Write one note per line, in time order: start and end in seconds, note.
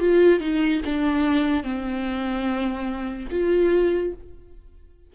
0.00 0.40 F4
0.40 0.81 D#4
0.85 1.64 D4
1.64 3.28 C4
3.31 4.13 F4